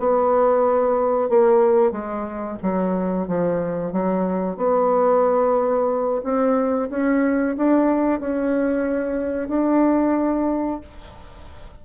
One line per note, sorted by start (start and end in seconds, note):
0.00 1.29 B3
1.29 1.92 A#3
1.92 2.58 G#3
2.63 3.28 F#3
3.28 3.93 F3
3.93 4.57 F#3
4.57 6.22 B3
6.24 6.90 C4
6.90 7.56 C#4
7.57 8.21 D4
8.21 9.49 C#4
9.49 10.81 D4